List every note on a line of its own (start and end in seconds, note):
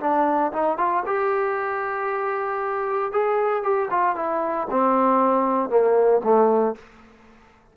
0.00 0.52 D4
0.52 0.77 D#4
0.77 1.03 F4
1.06 3.12 G4
3.12 3.63 G#4
3.63 3.89 G4
3.90 4.15 F4
4.15 4.67 E4
4.70 5.69 C4
5.69 6.21 A#3
6.23 6.75 A3